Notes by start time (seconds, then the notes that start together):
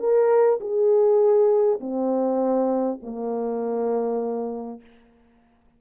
0.00 A#4
0.61 G#4
1.81 C4
3.03 A#3